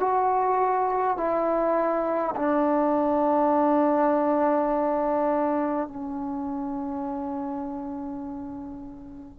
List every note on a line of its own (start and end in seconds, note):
0.00 1.18 F#4
1.18 2.35 E4
2.36 5.88 D4
5.88 9.40 C#4